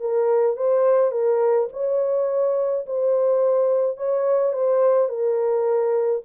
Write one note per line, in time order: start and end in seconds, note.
0.00 0.56 A#4
0.56 1.11 C5
1.11 1.68 A#4
1.73 2.86 C#5
2.86 3.97 C5
3.97 4.53 C#5
4.53 5.08 C5
5.08 6.21 A#4